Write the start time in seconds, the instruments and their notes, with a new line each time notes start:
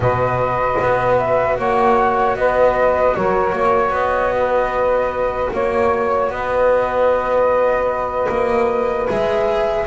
0.00 double bass B2, cello F#4, saxophone B4, flute D#5
0.81 double bass B3
1.18 flute E5
1.57 double bass A#3, saxophone C#5, flute F#5
2.35 double bass B3, saxophone B4, flute D#5
3.15 double bass F#3, saxophone A#4, flute C#5
3.52 double bass A#3, saxophone C#5
3.90 double bass B3, flute D#5
4.38 saxophone B4
5.52 double bass A#3, saxophone C#5, flute C#5
6.29 double bass B3, saxophone B4, flute D#5
8.28 double bass A#3
9.07 double bass G#3, cello G#4, flute E5